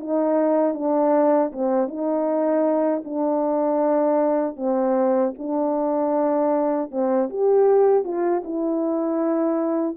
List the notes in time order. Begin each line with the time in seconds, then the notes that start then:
0.00 D#4
0.74 D4
1.52 C4
1.88 D#4
3.05 D4
4.56 C4
5.38 D4
6.91 C4
7.30 G4
8.04 F4
8.44 E4